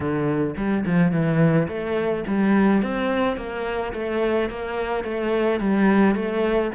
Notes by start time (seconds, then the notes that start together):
0.00 D3
0.57 G3
0.85 F3
1.11 E3
1.67 A3
2.27 G3
2.82 C4
3.36 A#3
3.93 A3
4.49 A#3
5.04 A3
5.60 G3
6.15 A3